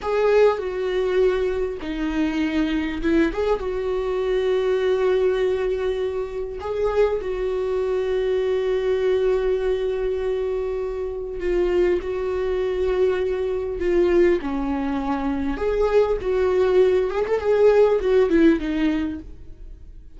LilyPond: \new Staff \with { instrumentName = "viola" } { \time 4/4 \tempo 4 = 100 gis'4 fis'2 dis'4~ | dis'4 e'8 gis'8 fis'2~ | fis'2. gis'4 | fis'1~ |
fis'2. f'4 | fis'2. f'4 | cis'2 gis'4 fis'4~ | fis'8 gis'16 a'16 gis'4 fis'8 e'8 dis'4 | }